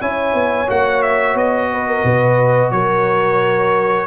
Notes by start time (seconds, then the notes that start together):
0.00 C#4 E4 C#5 G#5
0.34 B3
0.67 A#3 F#4 F#5
1.02 E5
1.35 B3 D#5
1.71 B4
1.88 A#4
2.04 B2 B4
2.71 F#3 A#4 C#5